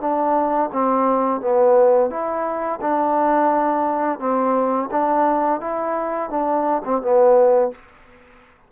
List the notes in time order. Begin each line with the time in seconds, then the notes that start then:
0.00 D4
0.72 C4
1.41 B3
2.10 E4
2.81 D4
4.19 C4
4.91 D4
5.60 E4
6.30 D4
6.84 C4
7.01 B3